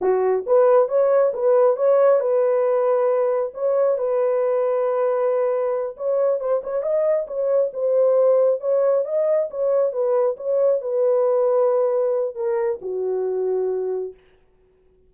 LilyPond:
\new Staff \with { instrumentName = "horn" } { \time 4/4 \tempo 4 = 136 fis'4 b'4 cis''4 b'4 | cis''4 b'2. | cis''4 b'2.~ | b'4. cis''4 c''8 cis''8 dis''8~ |
dis''8 cis''4 c''2 cis''8~ | cis''8 dis''4 cis''4 b'4 cis''8~ | cis''8 b'2.~ b'8 | ais'4 fis'2. | }